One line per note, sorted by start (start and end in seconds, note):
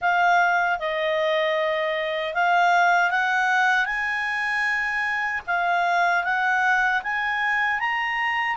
0.01 0.79 F5
0.79 2.34 D#5
2.34 3.10 F5
3.10 3.85 F#5
3.85 5.41 G#5
5.47 6.24 F5
6.24 7.02 F#5
7.03 7.79 G#5
7.79 8.56 A#5